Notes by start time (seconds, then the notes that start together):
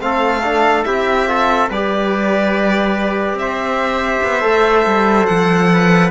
0.00 A3 C4 A4 F5
0.44 D4
0.85 C4 E4 G4 E5
1.27 F4 A4
1.70 G3 G4 B4 D5
3.35 C4 E5
3.41 C5
4.24 B3
4.41 A3 A4
4.86 G3
5.26 F3 F#5
5.74 B4